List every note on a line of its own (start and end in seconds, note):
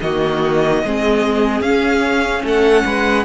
0.00 0.83 D#3
0.00 0.84 A#3
0.00 0.84 F#4
0.00 1.61 D#5
0.84 1.60 G#3
0.84 1.63 C4
0.84 2.43 G#4
1.60 2.42 C#4
1.60 3.24 C#4
1.60 2.42 F5
2.43 2.84 A3
2.43 2.84 A4
2.43 3.24 F#5
2.84 3.24 G#3
2.84 3.24 B4